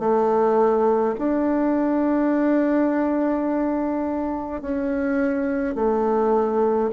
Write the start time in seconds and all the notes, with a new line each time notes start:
0.00 A3
1.19 D4
4.62 C#4
5.75 A3